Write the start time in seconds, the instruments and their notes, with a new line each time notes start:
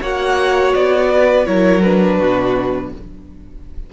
0.00 cello A#3, viola F#4, violin C#5 F#5
0.74 cello B3, violin D5
1.13 violin B4
1.45 cello F#3, viola E4, violin A#4 C#5
1.81 viola D4, violin B4
2.17 cello B2, violin F#4